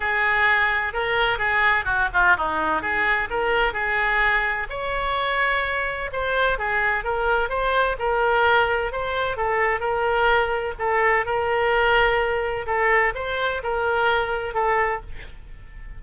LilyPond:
\new Staff \with { instrumentName = "oboe" } { \time 4/4 \tempo 4 = 128 gis'2 ais'4 gis'4 | fis'8 f'8 dis'4 gis'4 ais'4 | gis'2 cis''2~ | cis''4 c''4 gis'4 ais'4 |
c''4 ais'2 c''4 | a'4 ais'2 a'4 | ais'2. a'4 | c''4 ais'2 a'4 | }